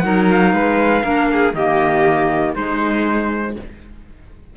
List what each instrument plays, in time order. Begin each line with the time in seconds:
0.00 cello F#3, clarinet D#4, violin A#4, trumpet F#5
0.31 trumpet F5
0.53 cello G#3, violin B4
1.03 cello A#3, clarinet D4, violin A#4
1.32 violin G#4
1.54 cello D#3, clarinet A#3, violin G4, trumpet D#5
2.55 cello G#3, clarinet G#3, violin D#4, trumpet C5